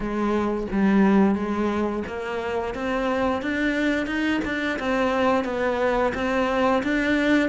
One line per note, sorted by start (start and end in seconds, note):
0.00 0.67 G#3
0.72 1.35 G3
1.35 2.03 G#3
2.07 2.74 A#3
2.74 3.42 C4
3.42 4.06 D4
4.06 4.40 D#4
4.44 4.79 D4
4.79 5.44 C4
5.44 6.12 B3
6.14 6.82 C4
6.83 7.49 D4